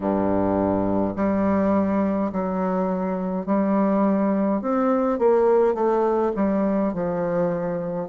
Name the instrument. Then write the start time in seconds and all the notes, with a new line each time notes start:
bassoon
0.00 G2
1.15 G3
2.32 F#3
3.46 G3
4.62 C4
5.19 A#3
5.74 A3
6.35 G3
6.93 F3